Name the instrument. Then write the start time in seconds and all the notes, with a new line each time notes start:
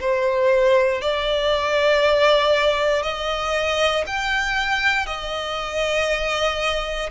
violin
0.00 C5
1.02 D5
3.03 D#5
4.07 G5
5.07 D#5